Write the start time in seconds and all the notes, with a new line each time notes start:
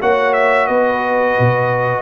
0.00 A#3 F#4 C#5 F#5
0.33 E5
0.67 B3 B4 D#5
1.39 B2